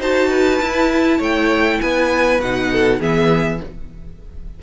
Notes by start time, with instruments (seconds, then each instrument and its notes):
0.00 cello D#4, viola F#4, violin C5 A5
0.29 violin B4
0.62 cello E4, viola E4
1.18 cello A3, violin C#5 G5
1.81 cello B3, violin B4 G#5
2.39 cello B2, viola D#4, violin F#5
2.72 violin A4
3.00 cello E3, viola B3, violin G#4 E5